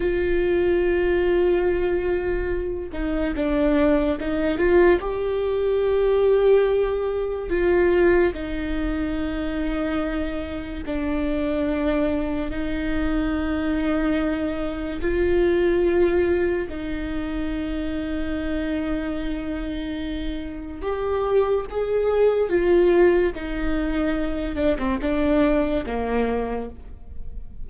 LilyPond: \new Staff \with { instrumentName = "viola" } { \time 4/4 \tempo 4 = 72 f'2.~ f'8 dis'8 | d'4 dis'8 f'8 g'2~ | g'4 f'4 dis'2~ | dis'4 d'2 dis'4~ |
dis'2 f'2 | dis'1~ | dis'4 g'4 gis'4 f'4 | dis'4. d'16 c'16 d'4 ais4 | }